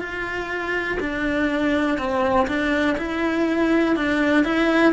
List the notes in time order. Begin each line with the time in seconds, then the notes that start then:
0.00 F4
1.01 D4
1.99 C4
2.48 D4
2.98 E4
3.97 D4
4.45 E4